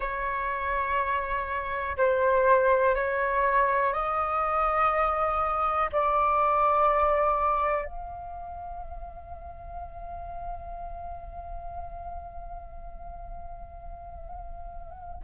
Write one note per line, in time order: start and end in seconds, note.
0.00 1.97 C#5
1.97 2.95 C5
2.95 3.93 C#5
3.93 5.90 D#5
5.92 7.85 D5
7.85 15.22 F5